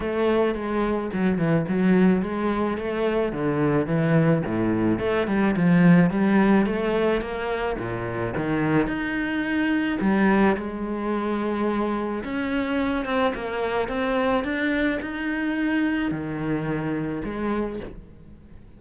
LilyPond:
\new Staff \with { instrumentName = "cello" } { \time 4/4 \tempo 4 = 108 a4 gis4 fis8 e8 fis4 | gis4 a4 d4 e4 | a,4 a8 g8 f4 g4 | a4 ais4 ais,4 dis4 |
dis'2 g4 gis4~ | gis2 cis'4. c'8 | ais4 c'4 d'4 dis'4~ | dis'4 dis2 gis4 | }